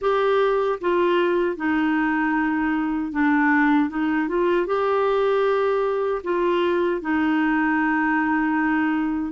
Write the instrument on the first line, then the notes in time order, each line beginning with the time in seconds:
clarinet
0.01 G4
0.80 F4
1.56 D#4
3.12 D4
3.89 D#4
4.28 F4
4.66 G4
6.23 F4
7.01 D#4